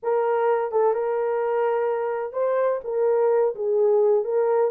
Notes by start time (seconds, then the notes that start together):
0.03 A#4
0.71 A4
0.93 A#4
2.33 C5
2.83 A#4
3.55 G#4
4.24 A#4